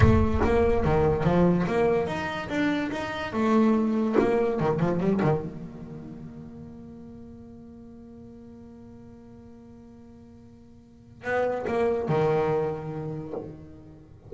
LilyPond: \new Staff \with { instrumentName = "double bass" } { \time 4/4 \tempo 4 = 144 a4 ais4 dis4 f4 | ais4 dis'4 d'4 dis'4 | a2 ais4 dis8 f8 | g8 dis8 ais2.~ |
ais1~ | ais1~ | ais2. b4 | ais4 dis2. | }